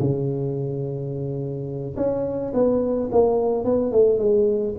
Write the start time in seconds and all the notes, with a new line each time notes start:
0.00 C#3
1.97 C#4
2.54 B3
3.12 A#3
3.65 B3
3.92 A3
4.19 G#3